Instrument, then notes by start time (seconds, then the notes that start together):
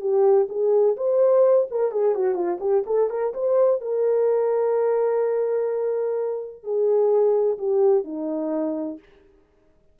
horn
0.00 G4
0.49 G#4
0.96 C5
1.71 A#4
1.92 G#4
2.15 F#4
2.35 F4
2.60 G4
2.86 A4
3.10 A#4
3.34 C5
3.81 A#4
6.63 G#4
7.58 G4
8.04 D#4